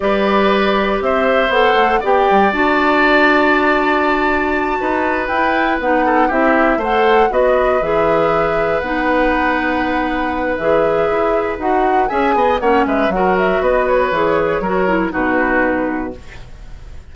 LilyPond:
<<
  \new Staff \with { instrumentName = "flute" } { \time 4/4 \tempo 4 = 119 d''2 e''4 fis''4 | g''4 a''2.~ | a''2~ a''8 g''4 fis''8~ | fis''8 e''4 fis''4 dis''4 e''8~ |
e''4. fis''2~ fis''8~ | fis''4 e''2 fis''4 | gis''4 fis''8 e''8 fis''8 e''8 dis''8 cis''8~ | cis''2 b'2 | }
  \new Staff \with { instrumentName = "oboe" } { \time 4/4 b'2 c''2 | d''1~ | d''4. b'2~ b'8 | a'8 g'4 c''4 b'4.~ |
b'1~ | b'1 | e''8 dis''8 cis''8 b'8 ais'4 b'4~ | b'4 ais'4 fis'2 | }
  \new Staff \with { instrumentName = "clarinet" } { \time 4/4 g'2. a'4 | g'4 fis'2.~ | fis'2~ fis'8 e'4 dis'8~ | dis'8 e'4 a'4 fis'4 gis'8~ |
gis'4. dis'2~ dis'8~ | dis'4 gis'2 fis'4 | gis'4 cis'4 fis'2 | gis'4 fis'8 e'8 dis'2 | }
  \new Staff \with { instrumentName = "bassoon" } { \time 4/4 g2 c'4 b8 a8 | b8 g8 d'2.~ | d'4. dis'4 e'4 b8~ | b8 c'4 a4 b4 e8~ |
e4. b2~ b8~ | b4 e4 e'4 dis'4 | cis'8 b8 ais8 gis8 fis4 b4 | e4 fis4 b,2 | }
>>